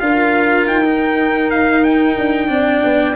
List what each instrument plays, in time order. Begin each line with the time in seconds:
0.00 tuba D4, cello F4, horn A#4, trumpet F5
0.67 tuba D#4, trumpet G5
0.84 cello D#4
1.51 trumpet F5
1.84 trumpet G5
2.18 tuba D4
2.48 tuba C4, cello D4, horn D5
2.84 tuba B3